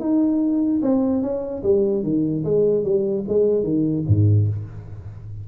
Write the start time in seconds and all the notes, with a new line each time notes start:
0.00 D#4
0.82 C4
1.22 C#4
1.63 G3
2.03 D#3
2.45 G#3
2.84 G3
3.28 G#3
3.64 D#3
4.07 G#2